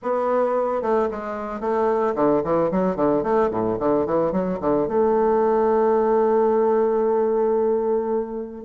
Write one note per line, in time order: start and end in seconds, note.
0.02 0.82 B3
0.82 1.09 A3
1.11 1.60 G#3
1.60 2.14 A3
2.15 2.42 D3
2.43 2.71 E3
2.71 2.96 F#3
2.96 3.23 D3
3.23 3.50 A3
3.50 3.77 A2
3.79 4.06 D3
4.06 4.32 E3
4.32 4.59 F#3
4.60 4.87 D3
4.87 8.65 A3